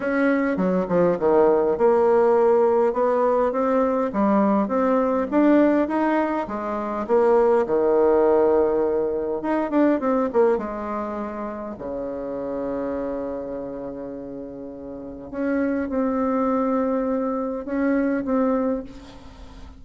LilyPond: \new Staff \with { instrumentName = "bassoon" } { \time 4/4 \tempo 4 = 102 cis'4 fis8 f8 dis4 ais4~ | ais4 b4 c'4 g4 | c'4 d'4 dis'4 gis4 | ais4 dis2. |
dis'8 d'8 c'8 ais8 gis2 | cis1~ | cis2 cis'4 c'4~ | c'2 cis'4 c'4 | }